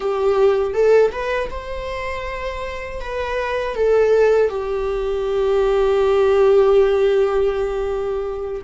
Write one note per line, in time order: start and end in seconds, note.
0.00 0.73 G4
0.73 1.10 A4
1.11 1.49 B4
1.50 3.00 C5
3.00 3.75 B4
3.75 4.49 A4
4.49 8.62 G4